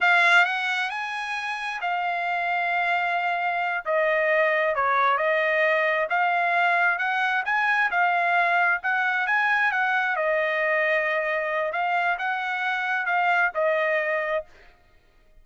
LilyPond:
\new Staff \with { instrumentName = "trumpet" } { \time 4/4 \tempo 4 = 133 f''4 fis''4 gis''2 | f''1~ | f''8 dis''2 cis''4 dis''8~ | dis''4. f''2 fis''8~ |
fis''8 gis''4 f''2 fis''8~ | fis''8 gis''4 fis''4 dis''4.~ | dis''2 f''4 fis''4~ | fis''4 f''4 dis''2 | }